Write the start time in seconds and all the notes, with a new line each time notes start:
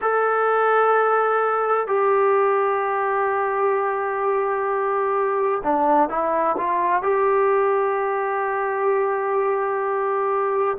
0.01 A4
1.87 G4
5.63 D4
6.09 E4
6.57 F4
7.02 G4